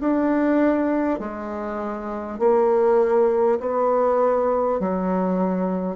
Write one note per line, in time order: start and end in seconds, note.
0.00 1.19 D4
1.19 2.39 G#3
2.39 3.59 A#3
3.60 4.79 B3
4.79 5.96 F#3